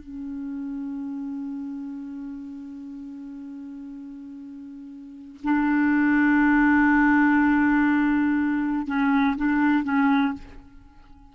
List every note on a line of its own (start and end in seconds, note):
0.00 5.41 C#4
5.44 8.87 D4
8.87 9.36 C#4
9.37 9.84 D4
9.84 10.33 C#4